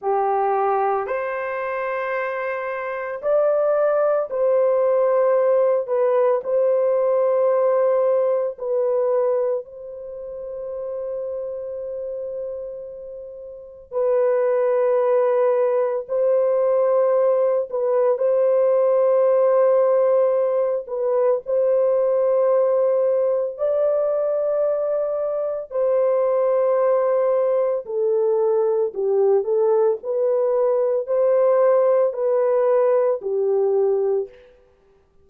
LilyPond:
\new Staff \with { instrumentName = "horn" } { \time 4/4 \tempo 4 = 56 g'4 c''2 d''4 | c''4. b'8 c''2 | b'4 c''2.~ | c''4 b'2 c''4~ |
c''8 b'8 c''2~ c''8 b'8 | c''2 d''2 | c''2 a'4 g'8 a'8 | b'4 c''4 b'4 g'4 | }